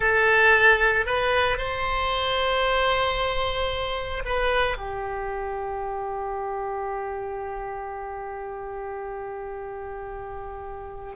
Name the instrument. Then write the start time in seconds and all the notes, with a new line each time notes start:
oboe
0.00 A4
1.05 B4
1.57 C5
4.25 B4
4.77 G4